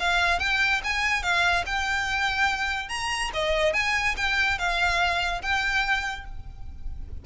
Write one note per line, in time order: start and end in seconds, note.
0.00 0.40 F5
0.40 0.81 G5
0.85 1.23 G#5
1.23 1.65 F5
1.67 2.89 G5
2.89 3.31 A#5
3.34 3.74 D#5
3.74 4.16 G#5
4.17 4.59 G5
4.59 5.42 F5
5.43 6.26 G5